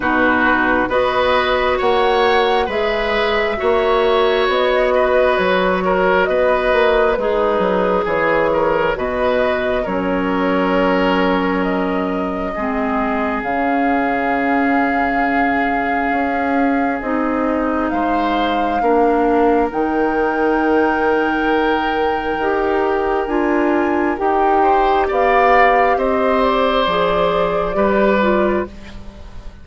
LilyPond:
<<
  \new Staff \with { instrumentName = "flute" } { \time 4/4 \tempo 4 = 67 b'4 dis''4 fis''4 e''4~ | e''4 dis''4 cis''4 dis''4 | b'4 cis''4 dis''4 cis''4~ | cis''4 dis''2 f''4~ |
f''2. dis''4 | f''2 g''2~ | g''2 gis''4 g''4 | f''4 dis''8 d''2~ d''8 | }
  \new Staff \with { instrumentName = "oboe" } { \time 4/4 fis'4 b'4 cis''4 b'4 | cis''4. b'4 ais'8 b'4 | dis'4 gis'8 ais'8 b'4 ais'4~ | ais'2 gis'2~ |
gis'1 | c''4 ais'2.~ | ais'2.~ ais'8 c''8 | d''4 c''2 b'4 | }
  \new Staff \with { instrumentName = "clarinet" } { \time 4/4 dis'4 fis'2 gis'4 | fis'1 | gis'2 fis'4 cis'4~ | cis'2 c'4 cis'4~ |
cis'2. dis'4~ | dis'4 d'4 dis'2~ | dis'4 g'4 f'4 g'4~ | g'2 gis'4 g'8 f'8 | }
  \new Staff \with { instrumentName = "bassoon" } { \time 4/4 b,4 b4 ais4 gis4 | ais4 b4 fis4 b8 ais8 | gis8 fis8 e4 b,4 fis4~ | fis2 gis4 cis4~ |
cis2 cis'4 c'4 | gis4 ais4 dis2~ | dis4 dis'4 d'4 dis'4 | b4 c'4 f4 g4 | }
>>